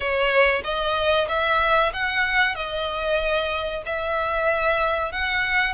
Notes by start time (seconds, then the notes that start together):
0.00 C#5
0.64 D#5
1.28 E5
1.93 F#5
2.55 D#5
3.85 E5
5.12 F#5